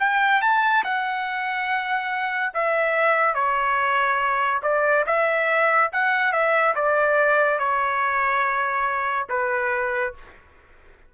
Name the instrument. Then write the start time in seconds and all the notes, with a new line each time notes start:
trumpet
0.00 G5
0.42 A5
0.84 F#5
2.54 E5
3.35 C#5
4.63 D5
5.07 E5
5.93 F#5
6.33 E5
6.75 D5
7.59 C#5
9.30 B4